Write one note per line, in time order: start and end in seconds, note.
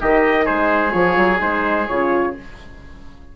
0.00 0.48 D#3
0.00 0.90 D#4
0.00 0.44 G4
0.00 0.46 D#5
0.44 0.93 G#3
0.44 2.32 G#4
0.44 0.91 C5
0.90 1.17 F3
0.90 1.37 F4
0.90 1.38 C#5
1.17 1.40 F#3
1.39 1.88 G#3
1.39 1.86 D#4
1.39 1.87 C5
1.87 2.36 C#3
1.87 2.36 F4
1.87 2.34 C#5